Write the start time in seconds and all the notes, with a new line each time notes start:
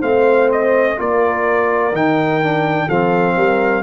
0.00 A3 C4 C5 F5
0.52 D#5
0.97 A#3 F4 A#4 D5
1.92 D#3 D#4 G5
2.43 D4
2.87 F3 C4 A4 F5
3.36 G3 A#4